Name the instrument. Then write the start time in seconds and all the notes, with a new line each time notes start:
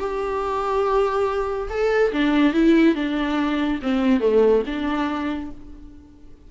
viola
0.00 G4
1.70 A4
2.12 D4
2.54 E4
2.96 D4
3.82 C4
4.21 A3
4.67 D4